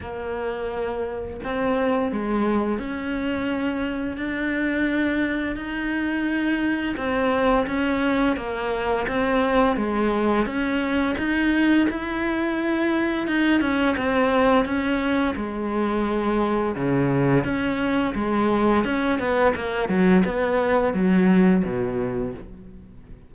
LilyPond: \new Staff \with { instrumentName = "cello" } { \time 4/4 \tempo 4 = 86 ais2 c'4 gis4 | cis'2 d'2 | dis'2 c'4 cis'4 | ais4 c'4 gis4 cis'4 |
dis'4 e'2 dis'8 cis'8 | c'4 cis'4 gis2 | cis4 cis'4 gis4 cis'8 b8 | ais8 fis8 b4 fis4 b,4 | }